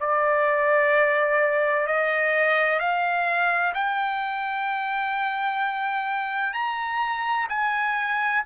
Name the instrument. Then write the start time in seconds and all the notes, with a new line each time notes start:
trumpet
0.00 D5
1.87 D#5
2.79 F5
3.74 G5
6.53 A#5
7.49 G#5